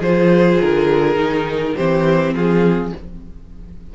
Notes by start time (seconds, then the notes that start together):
0.00 F3 F4 G#4 C5
0.61 D3 A#4
1.15 D#3 D#4
1.76 E3 C4 G4 C5
2.34 F3 F4 G#4